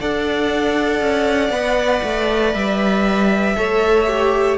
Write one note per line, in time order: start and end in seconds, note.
0.00 1.01 D4
0.00 1.52 A4
0.00 3.56 D5
0.00 2.54 F#5
1.01 1.50 C#4
1.50 2.00 B3
1.50 3.55 B4
2.03 2.54 A3
2.54 3.56 G3
2.54 4.57 E5
3.56 4.57 A3
3.56 4.07 A4
3.56 4.57 C#5
4.07 4.57 G4